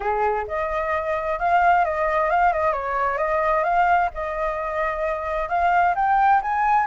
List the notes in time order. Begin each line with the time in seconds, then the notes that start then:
0.00 G#4
0.47 D#5
1.39 F5
1.84 D#5
2.29 F5
2.52 D#5
2.73 C#5
3.17 D#5
3.63 F5
4.14 D#5
5.48 F5
5.95 G5
6.41 G#5